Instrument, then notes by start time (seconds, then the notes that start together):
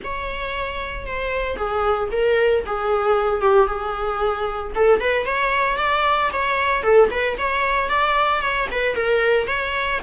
viola
0.04 C#5
1.06 C5
1.56 G#4
2.11 A#4
2.66 G#4
3.41 G4
3.67 G#4
4.75 A4
5.00 B4
5.25 C#5
5.77 D5
6.32 C#5
6.83 A4
7.11 B4
7.38 C#5
7.89 D5
8.41 C#5
8.71 B4
8.95 A#4
9.47 C#5